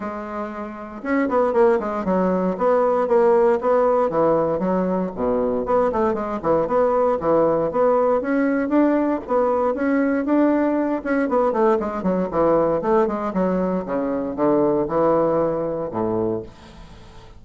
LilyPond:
\new Staff \with { instrumentName = "bassoon" } { \time 4/4 \tempo 4 = 117 gis2 cis'8 b8 ais8 gis8 | fis4 b4 ais4 b4 | e4 fis4 b,4 b8 a8 | gis8 e8 b4 e4 b4 |
cis'4 d'4 b4 cis'4 | d'4. cis'8 b8 a8 gis8 fis8 | e4 a8 gis8 fis4 cis4 | d4 e2 a,4 | }